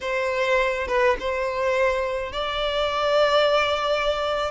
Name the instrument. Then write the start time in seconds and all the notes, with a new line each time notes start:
violin
0.01 C5
0.87 B4
1.19 C5
2.32 D5